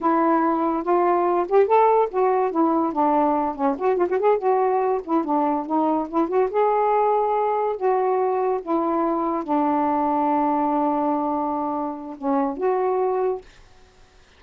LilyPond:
\new Staff \with { instrumentName = "saxophone" } { \time 4/4 \tempo 4 = 143 e'2 f'4. g'8 | a'4 fis'4 e'4 d'4~ | d'8 cis'8 fis'8 f'16 fis'16 gis'8 fis'4. | e'8 d'4 dis'4 e'8 fis'8 gis'8~ |
gis'2~ gis'8 fis'4.~ | fis'8 e'2 d'4.~ | d'1~ | d'4 cis'4 fis'2 | }